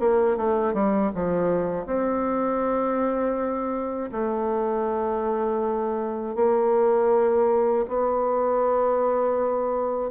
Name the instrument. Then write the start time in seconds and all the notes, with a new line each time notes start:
bassoon
0.00 A#3
0.37 A3
0.74 G3
1.15 F3
1.86 C4
4.12 A3
6.36 A#3
7.89 B3